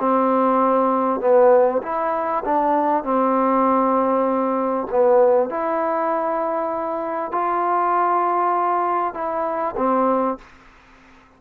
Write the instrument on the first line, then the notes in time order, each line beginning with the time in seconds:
trombone
0.00 C4
1.21 B3
1.83 E4
2.45 D4
3.04 C4
4.91 B3
5.50 E4
7.32 F4
9.14 E4
9.77 C4